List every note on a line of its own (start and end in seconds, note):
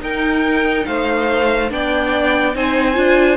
0.00 1.69 D#4
0.00 0.86 D#4
0.00 0.87 A#4
0.00 0.86 G5
0.86 1.71 A3
0.86 1.72 C5
0.86 1.70 F5
1.70 2.55 B3
1.70 2.54 D4
1.70 2.56 D5
1.70 2.56 G5
2.55 2.97 C4
2.55 2.95 D#4
2.55 3.37 C5
2.55 3.37 G#5
2.95 3.37 D4
2.95 3.37 F4